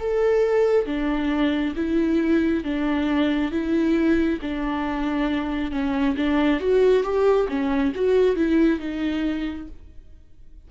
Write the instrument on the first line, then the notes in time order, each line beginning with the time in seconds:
viola
0.00 A4
0.86 D4
1.76 E4
2.64 D4
3.52 E4
4.42 D4
5.72 C#4
6.17 D4
6.61 F#4
7.04 G4
7.49 C#4
7.95 F#4
8.36 E4
8.80 D#4